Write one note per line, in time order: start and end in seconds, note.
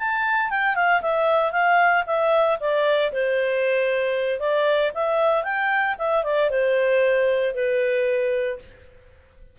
0.00 0.50 A5
0.50 0.76 G5
0.76 1.02 F5
1.02 1.52 E5
1.52 2.05 F5
2.07 2.59 E5
2.60 3.13 D5
3.13 4.40 C5
4.40 4.92 D5
4.95 5.44 E5
5.44 5.96 G5
5.99 6.24 E5
6.24 6.50 D5
6.51 7.55 C5
7.55 8.59 B4